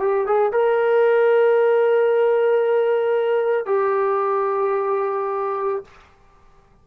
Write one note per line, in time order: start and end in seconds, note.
0.00 0.27 G4
0.27 0.53 G#4
0.53 3.66 A#4
3.66 5.84 G4